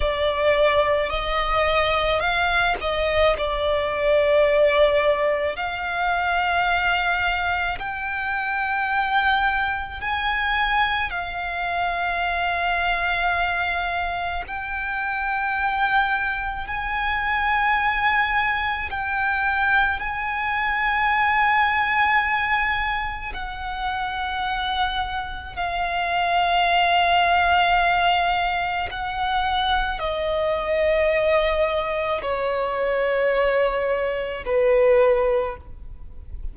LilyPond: \new Staff \with { instrumentName = "violin" } { \time 4/4 \tempo 4 = 54 d''4 dis''4 f''8 dis''8 d''4~ | d''4 f''2 g''4~ | g''4 gis''4 f''2~ | f''4 g''2 gis''4~ |
gis''4 g''4 gis''2~ | gis''4 fis''2 f''4~ | f''2 fis''4 dis''4~ | dis''4 cis''2 b'4 | }